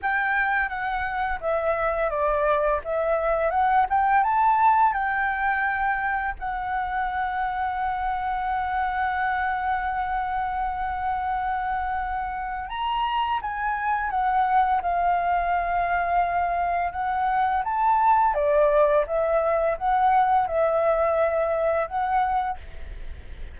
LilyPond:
\new Staff \with { instrumentName = "flute" } { \time 4/4 \tempo 4 = 85 g''4 fis''4 e''4 d''4 | e''4 fis''8 g''8 a''4 g''4~ | g''4 fis''2.~ | fis''1~ |
fis''2 ais''4 gis''4 | fis''4 f''2. | fis''4 a''4 d''4 e''4 | fis''4 e''2 fis''4 | }